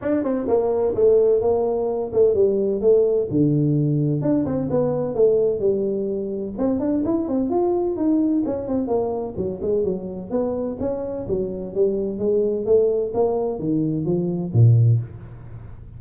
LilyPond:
\new Staff \with { instrumentName = "tuba" } { \time 4/4 \tempo 4 = 128 d'8 c'8 ais4 a4 ais4~ | ais8 a8 g4 a4 d4~ | d4 d'8 c'8 b4 a4 | g2 c'8 d'8 e'8 c'8 |
f'4 dis'4 cis'8 c'8 ais4 | fis8 gis8 fis4 b4 cis'4 | fis4 g4 gis4 a4 | ais4 dis4 f4 ais,4 | }